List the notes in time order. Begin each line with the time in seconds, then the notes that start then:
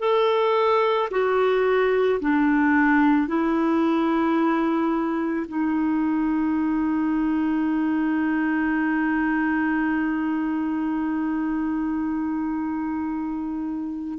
0.00 A4
1.11 F#4
2.21 D4
3.28 E4
5.48 D#4